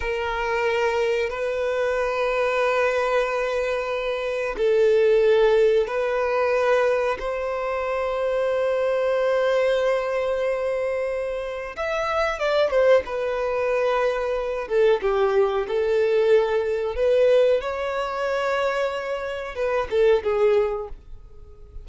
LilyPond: \new Staff \with { instrumentName = "violin" } { \time 4/4 \tempo 4 = 92 ais'2 b'2~ | b'2. a'4~ | a'4 b'2 c''4~ | c''1~ |
c''2 e''4 d''8 c''8 | b'2~ b'8 a'8 g'4 | a'2 b'4 cis''4~ | cis''2 b'8 a'8 gis'4 | }